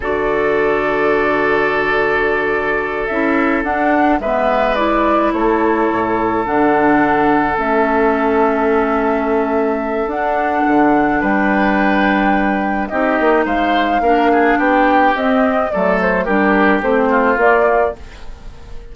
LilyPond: <<
  \new Staff \with { instrumentName = "flute" } { \time 4/4 \tempo 4 = 107 d''1~ | d''4. e''4 fis''4 e''8~ | e''8 d''4 cis''2 fis''8~ | fis''4. e''2~ e''8~ |
e''2 fis''2 | g''2. dis''4 | f''2 g''4 dis''4 | d''8 c''8 ais'4 c''4 d''4 | }
  \new Staff \with { instrumentName = "oboe" } { \time 4/4 a'1~ | a'2.~ a'8 b'8~ | b'4. a'2~ a'8~ | a'1~ |
a'1 | b'2. g'4 | c''4 ais'8 gis'8 g'2 | a'4 g'4. f'4. | }
  \new Staff \with { instrumentName = "clarinet" } { \time 4/4 fis'1~ | fis'4. e'4 d'4 b8~ | b8 e'2. d'8~ | d'4. cis'2~ cis'8~ |
cis'2 d'2~ | d'2. dis'4~ | dis'4 d'2 c'4 | a4 d'4 c'4 ais4 | }
  \new Staff \with { instrumentName = "bassoon" } { \time 4/4 d1~ | d4. cis'4 d'4 gis8~ | gis4. a4 a,4 d8~ | d4. a2~ a8~ |
a2 d'4 d4 | g2. c'8 ais8 | gis4 ais4 b4 c'4 | fis4 g4 a4 ais4 | }
>>